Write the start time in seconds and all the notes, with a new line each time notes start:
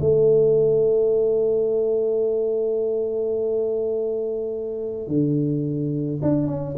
0.00 A3
5.07 D3
6.22 D4
6.47 C#4